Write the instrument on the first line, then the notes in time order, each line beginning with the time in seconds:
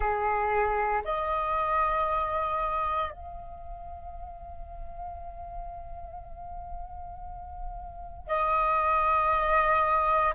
flute
0.00 G#4
1.04 D#5
3.11 F5
8.27 D#5